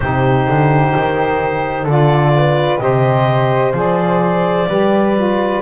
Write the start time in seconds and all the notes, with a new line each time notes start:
0.00 C3 D#4 G4 C5
0.48 D3
0.96 D#3
1.83 D3 F4 A4 D5
2.36 B4
2.79 C3 G4 C5 D#5
3.73 F3 G#4 D5
4.68 G3 G4 B4
5.16 F4